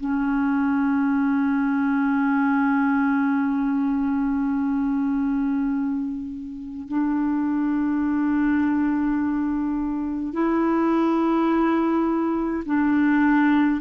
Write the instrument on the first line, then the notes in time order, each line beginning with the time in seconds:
clarinet
0.00 C#4
6.88 D4
10.33 E4
12.66 D4